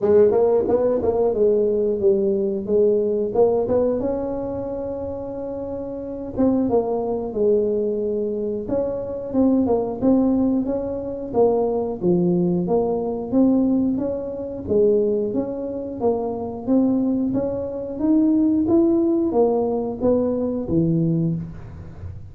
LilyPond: \new Staff \with { instrumentName = "tuba" } { \time 4/4 \tempo 4 = 90 gis8 ais8 b8 ais8 gis4 g4 | gis4 ais8 b8 cis'2~ | cis'4. c'8 ais4 gis4~ | gis4 cis'4 c'8 ais8 c'4 |
cis'4 ais4 f4 ais4 | c'4 cis'4 gis4 cis'4 | ais4 c'4 cis'4 dis'4 | e'4 ais4 b4 e4 | }